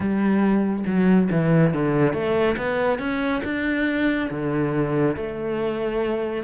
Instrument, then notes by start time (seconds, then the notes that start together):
cello
0.00 G3
0.86 F#3
1.31 E3
1.73 D3
2.13 A3
2.57 B3
2.99 C#4
3.44 D4
4.30 D3
5.16 A3